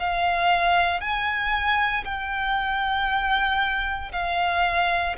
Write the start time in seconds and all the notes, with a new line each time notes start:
0.00 F5
1.01 G#5
2.05 G5
4.13 F5